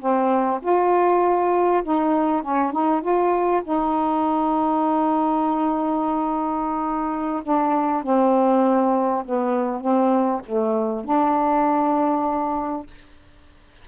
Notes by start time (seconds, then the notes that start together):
0.00 C4
0.62 F4
1.84 D#4
2.43 C#4
2.73 D#4
3.02 F4
3.64 D#4
7.44 D4
8.03 C4
9.26 B3
9.81 C4
10.46 A3
11.05 D4